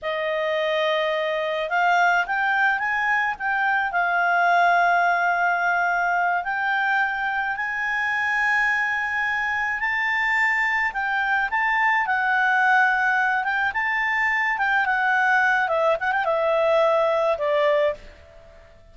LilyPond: \new Staff \with { instrumentName = "clarinet" } { \time 4/4 \tempo 4 = 107 dis''2. f''4 | g''4 gis''4 g''4 f''4~ | f''2.~ f''8 g''8~ | g''4. gis''2~ gis''8~ |
gis''4. a''2 g''8~ | g''8 a''4 fis''2~ fis''8 | g''8 a''4. g''8 fis''4. | e''8 fis''16 g''16 e''2 d''4 | }